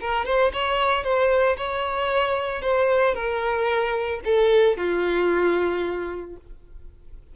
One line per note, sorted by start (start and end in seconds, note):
0.00 0.25 A#4
0.25 0.52 C5
0.53 1.04 C#5
1.04 1.57 C5
1.57 2.62 C#5
2.62 3.14 C5
3.14 4.21 A#4
4.25 4.77 A4
4.77 6.36 F4